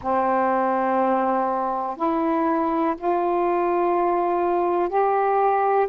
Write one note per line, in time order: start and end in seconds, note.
0.01 1.97 C4
1.97 2.95 E4
2.97 4.89 F4
4.89 5.87 G4